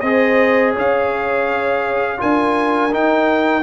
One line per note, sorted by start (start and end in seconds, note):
0.00 0.74 C4
0.00 2.17 G#4
0.00 0.73 C5
0.00 0.72 D#5
0.73 2.21 C#4
0.73 2.18 C#5
0.73 2.21 F5
2.17 2.93 D4
2.17 2.90 F4
2.17 3.62 A#4
2.17 2.93 G#5
2.91 3.62 D#4
2.91 3.62 G5